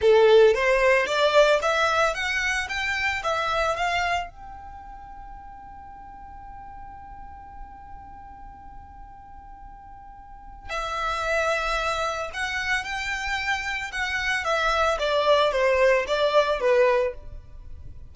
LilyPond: \new Staff \with { instrumentName = "violin" } { \time 4/4 \tempo 4 = 112 a'4 c''4 d''4 e''4 | fis''4 g''4 e''4 f''4 | g''1~ | g''1~ |
g''1 | e''2. fis''4 | g''2 fis''4 e''4 | d''4 c''4 d''4 b'4 | }